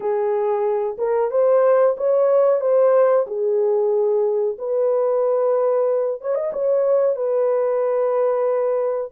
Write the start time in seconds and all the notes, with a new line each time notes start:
0.00 G#4
0.98 A#4
1.30 C5
1.97 C#5
2.60 C5
3.26 G#4
4.58 B4
6.21 C#5
6.34 D#5
6.52 C#5
7.16 B4